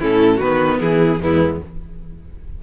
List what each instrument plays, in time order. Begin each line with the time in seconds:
0.00 cello A2, viola C#4, violin E4 A4
0.36 cello D#3, viola B3, violin F#4 B4
0.81 cello E3, violin E4 G#4
1.20 cello E2, viola G#3, violin B3 E4